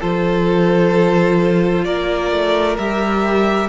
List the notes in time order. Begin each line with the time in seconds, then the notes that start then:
0.00 F3 F4 A4 C5
1.85 A#3 A#4 D5
2.31 A3
2.78 G3 G4 E5